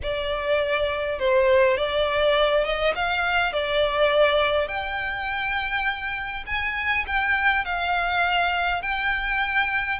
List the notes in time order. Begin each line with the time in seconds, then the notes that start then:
0.02 D5
1.19 C5
1.77 D5
2.64 D#5
2.95 F5
3.52 D5
4.68 G5
6.46 G#5
7.06 G5
7.65 F5
8.82 G5